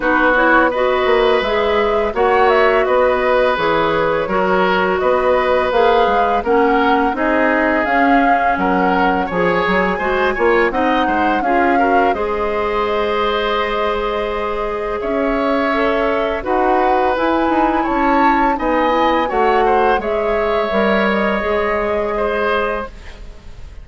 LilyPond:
<<
  \new Staff \with { instrumentName = "flute" } { \time 4/4 \tempo 4 = 84 b'8 cis''8 dis''4 e''4 fis''8 e''8 | dis''4 cis''2 dis''4 | f''4 fis''4 dis''4 f''4 | fis''4 gis''2 fis''4 |
f''4 dis''2.~ | dis''4 e''2 fis''4 | gis''4 a''4 gis''4 fis''4 | e''4. dis''2~ dis''8 | }
  \new Staff \with { instrumentName = "oboe" } { \time 4/4 fis'4 b'2 cis''4 | b'2 ais'4 b'4~ | b'4 ais'4 gis'2 | ais'4 cis''4 c''8 cis''8 dis''8 c''8 |
gis'8 ais'8 c''2.~ | c''4 cis''2 b'4~ | b'4 cis''4 dis''4 cis''8 c''8 | cis''2. c''4 | }
  \new Staff \with { instrumentName = "clarinet" } { \time 4/4 dis'8 e'8 fis'4 gis'4 fis'4~ | fis'4 gis'4 fis'2 | gis'4 cis'4 dis'4 cis'4~ | cis'4 gis'4 fis'8 f'8 dis'4 |
f'8 fis'8 gis'2.~ | gis'2 a'4 fis'4 | e'2 dis'8 e'8 fis'4 | gis'4 ais'4 gis'2 | }
  \new Staff \with { instrumentName = "bassoon" } { \time 4/4 b4. ais8 gis4 ais4 | b4 e4 fis4 b4 | ais8 gis8 ais4 c'4 cis'4 | fis4 f8 fis8 gis8 ais8 c'8 gis8 |
cis'4 gis2.~ | gis4 cis'2 dis'4 | e'8 dis'8 cis'4 b4 a4 | gis4 g4 gis2 | }
>>